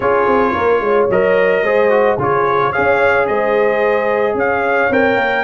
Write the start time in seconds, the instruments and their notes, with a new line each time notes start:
0.00 tuba C#4, trombone F4, horn G#4, trumpet C#5
0.26 tuba C4
0.52 tuba A#3, horn A#4
0.80 tuba G#3, horn C#5
1.09 tuba F#3, trombone A#4, trumpet D#5
1.62 tuba G#3, trombone G#4, horn C5
1.90 trombone F#4
2.17 tuba C#3, trombone F4, horn G#4, trumpet C#5
2.72 tuba C#4, trombone G#4, horn C#5, trumpet F5
3.27 tuba G#3, horn C5, trumpet D#5
4.34 tuba C#4, horn C#5, trumpet F5
4.90 tuba C4, trombone A#4, trumpet G5
5.16 tuba A#3